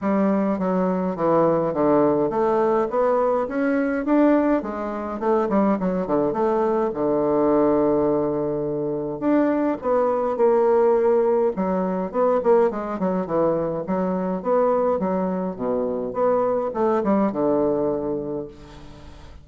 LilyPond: \new Staff \with { instrumentName = "bassoon" } { \time 4/4 \tempo 4 = 104 g4 fis4 e4 d4 | a4 b4 cis'4 d'4 | gis4 a8 g8 fis8 d8 a4 | d1 |
d'4 b4 ais2 | fis4 b8 ais8 gis8 fis8 e4 | fis4 b4 fis4 b,4 | b4 a8 g8 d2 | }